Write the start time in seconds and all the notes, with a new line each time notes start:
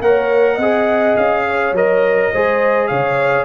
0.00 A#3 A#4 C#5 F#5
0.55 C4 D#5
0.61 G#4
1.17 C#4 F5
1.47 C#5
1.72 F#3 A#4 D#5
2.32 G#3 G#4 C5
2.87 C#3 C#5 F5